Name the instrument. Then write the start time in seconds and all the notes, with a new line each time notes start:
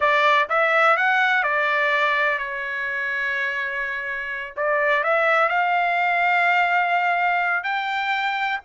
trumpet
0.00 D5
0.49 E5
0.96 F#5
1.43 D5
2.38 C#5
4.56 D5
5.03 E5
5.49 F5
7.63 G5